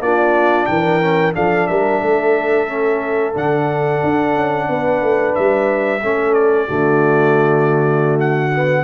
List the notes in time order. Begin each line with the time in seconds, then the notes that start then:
0.00 A#3 D4 F4 D5
0.66 E3 A#4 G5
1.01 C#4
1.33 F3 D4 A4 F5
1.67 G3 A#4 E5
2.00 A3 A4
2.67 C#4
3.33 D3 D4 F#5
4.03 D4
4.35 C#4
4.68 B3 B4
5.01 A3
5.35 G3 E5
6.02 A3 C#4 A4
6.34 D5
6.67 D3 A3 F#4
8.19 F#5
8.55 B3